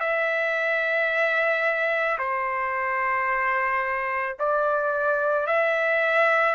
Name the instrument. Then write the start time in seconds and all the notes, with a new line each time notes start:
trumpet
0.00 E5
2.19 C5
4.39 D5
5.47 E5